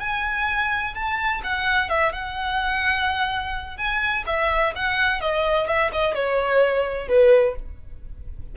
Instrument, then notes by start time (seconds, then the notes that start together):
violin
0.00 G#5
0.94 A5
1.43 F#5
1.89 E5
2.12 F#5
3.77 G#5
4.26 E5
4.76 F#5
5.21 D#5
5.67 E5
5.92 D#5
6.14 C#5
7.08 B4